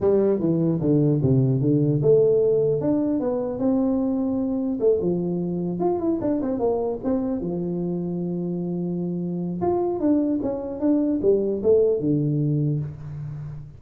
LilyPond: \new Staff \with { instrumentName = "tuba" } { \time 4/4 \tempo 4 = 150 g4 e4 d4 c4 | d4 a2 d'4 | b4 c'2. | a8 f2 f'8 e'8 d'8 |
c'8 ais4 c'4 f4.~ | f1 | f'4 d'4 cis'4 d'4 | g4 a4 d2 | }